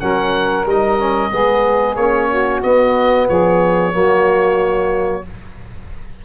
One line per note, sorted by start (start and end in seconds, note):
0.00 0.66 F#3
0.00 0.66 C#4
0.00 1.30 A#4
0.00 0.65 F#5
0.66 1.31 G3
0.66 0.99 D#4
0.66 1.96 D#5
0.99 1.31 C#4
1.30 1.96 G#3
1.30 1.96 B3
1.30 2.28 G#4
1.96 2.61 A#3
1.96 2.63 C#4
1.96 2.61 C#5
2.29 3.27 F#4
2.63 3.29 B3
2.63 3.92 B3
2.63 3.28 D#5
3.27 3.94 F3
3.27 3.93 G#4
3.27 5.24 C#5
3.92 5.25 F#3
3.92 5.23 A#3
3.92 5.25 F#4